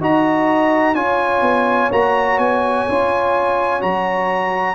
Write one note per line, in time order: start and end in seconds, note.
0.00 0.95 D#4
0.00 0.95 F#4
0.00 0.95 D#5
0.00 0.95 A#5
0.95 1.41 C#4
0.95 1.91 F4
0.95 4.75 C#5
0.95 1.90 G#5
1.41 1.89 B3
1.91 2.38 A#3
1.91 2.88 F#4
1.91 2.38 A#5
2.38 2.86 B3
2.38 3.81 G#5
2.88 3.83 C#4
2.88 3.80 F4
3.80 4.75 F#3
3.80 4.75 F#4
3.80 4.75 A#5